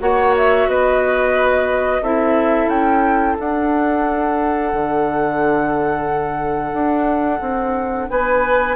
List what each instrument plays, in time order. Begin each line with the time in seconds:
0.00 bassoon A#3, clarinet F#4, oboe C#5, flute F#5
0.37 flute E5
0.68 bassoon B3, oboe B4, flute D#5
2.02 bassoon C4, clarinet E4, oboe A4, flute E5
2.68 bassoon C#4, flute G5
3.38 clarinet D4, bassoon D4, flute F#5
4.73 bassoon D3
6.73 bassoon D4
7.41 bassoon C4
8.10 bassoon B3, oboe B4, flute G#5